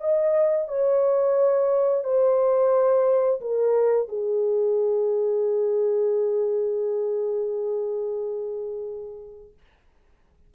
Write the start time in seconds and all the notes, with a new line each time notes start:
0.00 D#5
0.68 C#5
2.04 C5
3.40 A#4
4.08 G#4